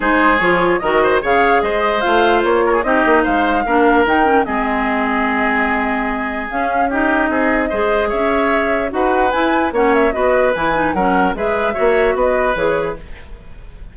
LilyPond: <<
  \new Staff \with { instrumentName = "flute" } { \time 4/4 \tempo 4 = 148 c''4 cis''4 dis''4 f''4 | dis''4 f''4 cis''4 dis''4 | f''2 g''4 dis''4~ | dis''1 |
f''4 dis''2. | e''2 fis''4 gis''4 | fis''8 e''8 dis''4 gis''4 fis''4 | e''2 dis''4 cis''4 | }
  \new Staff \with { instrumentName = "oboe" } { \time 4/4 gis'2 ais'8 c''8 cis''4 | c''2~ c''8 ais'16 gis'16 g'4 | c''4 ais'2 gis'4~ | gis'1~ |
gis'4 g'4 gis'4 c''4 | cis''2 b'2 | cis''4 b'2 ais'4 | b'4 cis''4 b'2 | }
  \new Staff \with { instrumentName = "clarinet" } { \time 4/4 dis'4 f'4 fis'4 gis'4~ | gis'4 f'2 dis'4~ | dis'4 d'4 dis'8 cis'8 c'4~ | c'1 |
cis'4 dis'2 gis'4~ | gis'2 fis'4 e'4 | cis'4 fis'4 e'8 dis'8 cis'4 | gis'4 fis'2 gis'4 | }
  \new Staff \with { instrumentName = "bassoon" } { \time 4/4 gis4 f4 dis4 cis4 | gis4 a4 ais4 c'8 ais8 | gis4 ais4 dis4 gis4~ | gis1 |
cis'2 c'4 gis4 | cis'2 dis'4 e'4 | ais4 b4 e4 fis4 | gis4 ais4 b4 e4 | }
>>